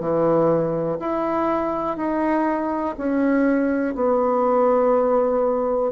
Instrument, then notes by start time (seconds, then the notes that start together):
bassoon
0.00 E3
1.00 E4
1.97 D#4
2.98 C#4
3.95 B3